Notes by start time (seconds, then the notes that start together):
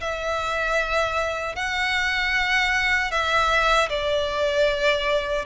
0.00 E5
1.55 F#5
3.11 E5
3.89 D5